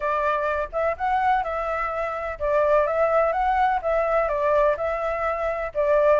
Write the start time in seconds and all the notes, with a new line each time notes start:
0.00 D5
0.72 E5
0.97 F#5
1.43 E5
2.39 D5
2.86 E5
3.32 F#5
3.82 E5
4.28 D5
4.76 E5
5.74 D5